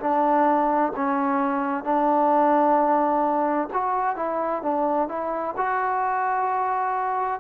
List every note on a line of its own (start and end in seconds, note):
0.00 0.92 D4
0.96 1.84 C#4
1.84 3.68 D4
3.73 4.16 F#4
4.16 4.62 E4
4.62 5.08 D4
5.08 5.54 E4
5.57 7.40 F#4